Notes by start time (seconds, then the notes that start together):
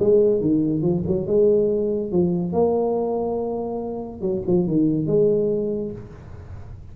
0.00 G#3
0.41 D#3
0.82 F3
1.08 F#3
1.27 G#3
2.12 F3
2.53 A#3
4.22 F#3
4.47 F3
4.68 D#3
5.07 G#3